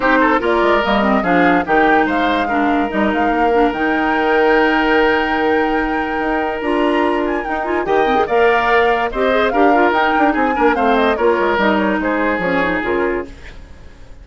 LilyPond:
<<
  \new Staff \with { instrumentName = "flute" } { \time 4/4 \tempo 4 = 145 c''4 d''4 dis''4 f''4 | g''4 f''2 dis''8 f''8~ | f''4 g''2.~ | g''1 |
ais''4. gis''8 g''8 gis''8 g''4 | f''2 dis''4 f''4 | g''4 gis''4 f''8 dis''8 cis''4 | dis''8 cis''8 c''4 cis''4 ais'4 | }
  \new Staff \with { instrumentName = "oboe" } { \time 4/4 g'8 a'8 ais'2 gis'4 | g'4 c''4 ais'2~ | ais'1~ | ais'1~ |
ais'2. dis''4 | d''2 c''4 ais'4~ | ais'4 gis'8 ais'8 c''4 ais'4~ | ais'4 gis'2. | }
  \new Staff \with { instrumentName = "clarinet" } { \time 4/4 dis'4 f'4 ais8 c'8 d'4 | dis'2 d'4 dis'4~ | dis'8 d'8 dis'2.~ | dis'1 |
f'2 dis'8 f'8 g'8 c'16 gis'16 | ais'2 g'8 gis'8 g'8 f'8 | dis'4. d'8 c'4 f'4 | dis'2 cis'8 dis'8 f'4 | }
  \new Staff \with { instrumentName = "bassoon" } { \time 4/4 c'4 ais8 gis8 g4 f4 | dis4 gis2 g8 gis8 | ais4 dis2.~ | dis2. dis'4 |
d'2 dis'4 dis4 | ais2 c'4 d'4 | dis'8 d'8 c'8 ais8 a4 ais8 gis8 | g4 gis4 f4 cis4 | }
>>